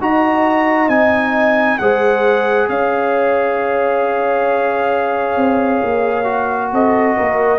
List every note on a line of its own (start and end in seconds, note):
0.00 0.88 D#4
0.00 0.90 F#4
0.00 1.81 D#5
0.00 0.89 A#5
0.88 1.77 C4
0.88 1.79 D#4
0.88 1.78 G#5
1.78 2.69 G#3
1.78 6.24 G#4
1.78 2.70 C5
1.78 2.68 F#5
2.69 5.36 C#4
2.69 6.72 C#5
2.69 6.72 F5
5.36 5.81 C4
5.83 6.72 A#3
6.24 7.58 F#4
6.72 7.17 C4
6.72 7.17 A4
6.72 7.59 D#5
7.17 7.59 A#3
7.17 7.59 A#4